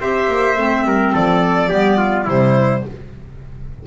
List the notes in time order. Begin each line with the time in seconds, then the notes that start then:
0.00 C4 G4 C5 E5
0.29 A#3
0.57 A3 C4
0.85 G3 A#4
1.13 F3 A4 D5
1.69 G3 B3 G4
1.98 F4
2.25 C3 G3 E4 C5